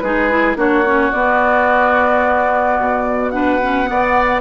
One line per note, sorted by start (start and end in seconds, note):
0.00 0.56 G#3
0.00 0.30 D#4
0.00 0.58 G#4
0.00 0.55 B4
0.30 0.57 E4
0.56 1.11 A#3
0.56 0.84 D4
0.56 3.33 F#4
0.56 1.12 C#5
0.86 1.13 C#4
1.12 3.33 B3
1.12 2.79 B3
1.12 3.31 D5
2.80 3.90 B2
3.31 3.60 D4
3.31 3.90 B4
3.31 4.41 F#5
3.62 3.85 C#4
3.85 4.40 B3
3.85 4.41 B3
3.85 4.41 D5